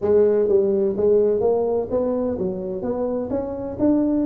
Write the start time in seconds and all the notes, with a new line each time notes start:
0.01 G#3
0.48 G3
0.96 G#3
1.40 A#3
1.90 B3
2.38 F#3
2.82 B3
3.30 C#4
3.79 D4